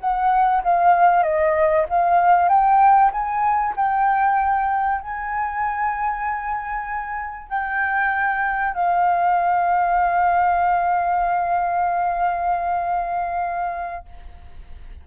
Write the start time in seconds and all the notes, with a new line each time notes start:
0.00 F#5
0.63 F5
1.23 D#5
1.89 F5
2.48 G5
3.11 G#5
3.76 G5
5.01 G#5
7.49 G5
8.74 F5